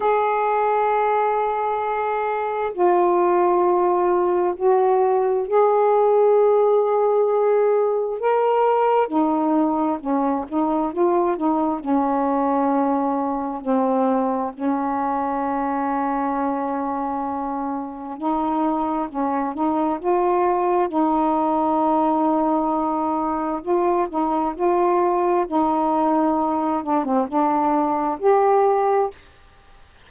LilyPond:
\new Staff \with { instrumentName = "saxophone" } { \time 4/4 \tempo 4 = 66 gis'2. f'4~ | f'4 fis'4 gis'2~ | gis'4 ais'4 dis'4 cis'8 dis'8 | f'8 dis'8 cis'2 c'4 |
cis'1 | dis'4 cis'8 dis'8 f'4 dis'4~ | dis'2 f'8 dis'8 f'4 | dis'4. d'16 c'16 d'4 g'4 | }